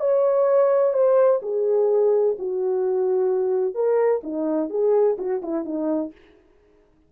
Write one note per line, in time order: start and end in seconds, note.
0.00 0.93 C#5
0.93 1.40 C5
1.42 2.36 G#4
2.38 3.75 F#4
3.75 4.21 A#4
4.23 4.70 D#4
4.70 5.17 G#4
5.18 5.41 F#4
5.42 5.65 E4
5.65 6.12 D#4